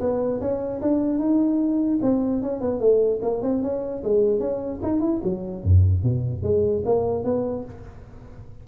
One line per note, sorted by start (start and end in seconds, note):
0.00 0.40 B3
0.41 0.81 C#4
0.81 1.19 D4
1.19 1.99 D#4
2.02 2.42 C4
2.42 2.61 C#4
2.61 2.80 B3
2.80 3.20 A3
3.22 3.42 A#3
3.42 3.62 C4
3.62 4.03 C#4
4.04 4.40 G#3
4.40 4.80 C#4
4.82 5.00 D#4
5.00 5.21 E4
5.23 5.64 F#3
5.64 6.03 F#2
6.03 6.43 B2
6.43 6.83 G#3
6.85 7.24 A#3
7.24 7.64 B3